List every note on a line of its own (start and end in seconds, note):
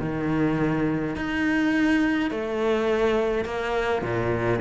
0.00 1.15 D#3
1.15 2.31 D#4
2.31 3.45 A3
3.45 4.02 A#3
4.02 4.60 A#2